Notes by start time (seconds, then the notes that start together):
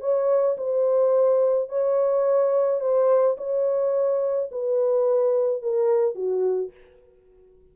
0.00 C#5
0.57 C5
1.69 C#5
2.80 C5
3.37 C#5
4.51 B4
5.62 A#4
6.15 F#4